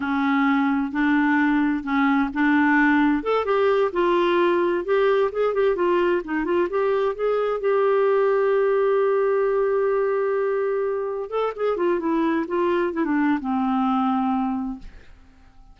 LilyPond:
\new Staff \with { instrumentName = "clarinet" } { \time 4/4 \tempo 4 = 130 cis'2 d'2 | cis'4 d'2 a'8 g'8~ | g'8 f'2 g'4 gis'8 | g'8 f'4 dis'8 f'8 g'4 gis'8~ |
gis'8 g'2.~ g'8~ | g'1~ | g'8 a'8 gis'8 f'8 e'4 f'4 | e'16 d'8. c'2. | }